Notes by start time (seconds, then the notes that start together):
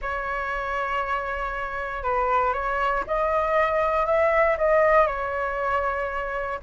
0.01 C#5
2.03 B4
2.53 C#5
3.06 D#5
4.06 E5
4.57 D#5
5.07 C#5